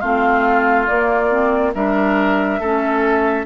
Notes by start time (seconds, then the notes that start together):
0.00 A3 C4 F4 F5
0.87 A#3 D5
1.30 C4
1.75 G3 D4 A#4 E5
2.59 A3 C#4 A4